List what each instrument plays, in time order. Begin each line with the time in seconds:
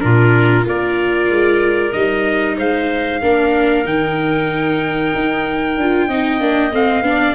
0.00 tuba A#2, viola D4, clarinet F4, trumpet A#4
0.63 tuba A#3, viola F4, clarinet A#4, trumpet D5
1.29 tuba G#3
1.92 tuba G3, viola D#4, trumpet D#5
2.57 tuba G#3, clarinet C5, trumpet F5
3.21 tuba A#3, viola D4, clarinet A#4
3.84 tuba D#3, viola D#4, trumpet G5
5.14 tuba D#4
5.76 tuba D4, viola F4
6.07 tuba C4, viola D#4, clarinet D#5
6.39 tuba A#3, viola D4
6.72 tuba A3, viola C4, trumpet F5
7.01 tuba B3, viola D4
7.08 clarinet D5